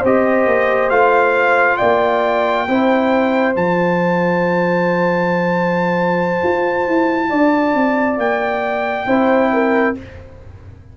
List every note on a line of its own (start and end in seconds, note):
0.00 0.46 C4
0.00 0.91 G4
0.00 1.76 C5
0.00 0.89 D#5
0.46 0.90 A#3
0.89 1.78 A3
0.89 2.67 F4
0.89 1.76 F5
1.76 2.67 A#3
1.76 2.66 D5
1.76 3.53 G5
2.67 3.55 C4
2.67 3.55 E4
2.67 7.29 C5
3.55 6.42 F3
3.55 9.06 F4
3.55 8.19 A5
6.43 6.87 F4
6.87 7.30 E4
7.29 7.74 D4
7.29 9.06 D5
7.74 8.17 C4
8.17 9.05 A#3
8.17 9.96 G5
9.06 9.94 C4
9.06 9.94 E4
9.06 9.51 C5
9.53 9.97 A#4